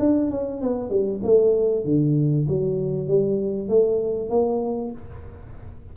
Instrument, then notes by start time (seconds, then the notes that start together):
tuba
0.00 D4
0.31 C#4
0.62 B3
0.90 G3
1.24 A3
1.85 D3
2.49 F#3
3.08 G3
3.69 A3
4.30 A#3